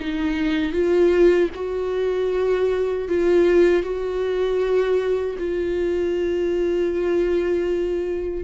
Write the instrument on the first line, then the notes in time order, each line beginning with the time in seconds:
viola
0.00 D#4
0.73 F4
1.55 F#4
3.09 F4
3.83 F#4
5.38 F4